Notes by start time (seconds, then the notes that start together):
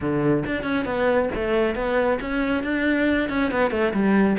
0.00 D3
0.46 D4
0.63 C#4
0.85 B3
1.34 A3
1.75 B3
2.20 C#4
2.63 D4
3.29 C#4
3.51 B3
3.70 A3
3.93 G3